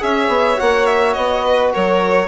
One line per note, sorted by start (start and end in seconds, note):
0.00 0.28 C#4
0.00 0.57 G#4
0.00 1.45 C#5
0.00 0.60 E5
0.28 0.56 B3
0.57 1.16 A#3
0.57 2.28 F#4
0.57 0.86 F#5
0.86 1.14 E5
1.14 1.74 B3
1.14 1.71 D#5
1.45 1.73 B4
1.73 2.28 F#3
1.73 2.28 A#4
1.73 2.28 C#5